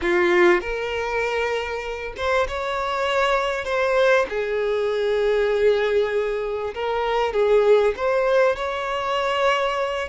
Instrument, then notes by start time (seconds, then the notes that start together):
violin
0.01 F4
0.60 A#4
2.16 C5
2.48 C#5
3.65 C5
4.29 G#4
6.74 A#4
7.33 G#4
7.96 C5
8.55 C#5